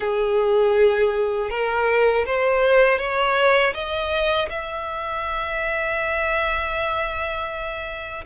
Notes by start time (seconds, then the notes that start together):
0.00 G#4
1.50 A#4
2.26 C5
2.98 C#5
3.73 D#5
4.49 E5